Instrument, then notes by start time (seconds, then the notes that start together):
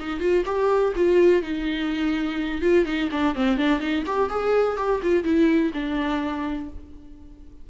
viola
0.00 D#4
0.20 F4
0.46 G4
0.96 F4
1.42 D#4
2.62 F4
2.86 D#4
3.12 D4
3.36 C4
3.58 D4
3.80 D#4
4.06 G4
4.30 G#4
4.78 G4
5.03 F4
5.24 E4
5.74 D4